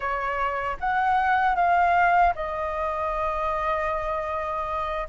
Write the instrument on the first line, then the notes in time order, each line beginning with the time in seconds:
flute
0.00 C#5
0.80 F#5
1.55 F5
2.35 D#5